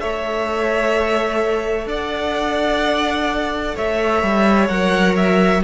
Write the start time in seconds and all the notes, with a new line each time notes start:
0.00 A3 A4 C#5 E5
1.86 D4 D5 F#5
3.75 A3 C#5 E5
4.23 G3
4.68 F#3 A#4 F#5
5.16 E5